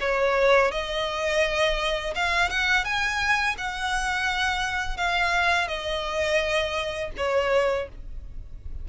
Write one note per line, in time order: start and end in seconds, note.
0.00 0.71 C#5
0.71 2.14 D#5
2.15 2.50 F5
2.50 2.84 F#5
2.84 3.56 G#5
3.58 4.97 F#5
4.97 5.68 F5
5.68 7.11 D#5
7.17 7.89 C#5